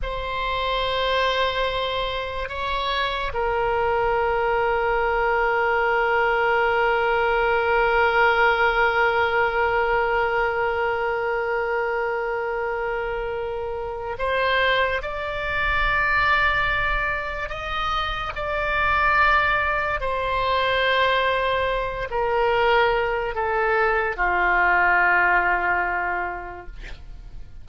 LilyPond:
\new Staff \with { instrumentName = "oboe" } { \time 4/4 \tempo 4 = 72 c''2. cis''4 | ais'1~ | ais'1~ | ais'1~ |
ais'4 c''4 d''2~ | d''4 dis''4 d''2 | c''2~ c''8 ais'4. | a'4 f'2. | }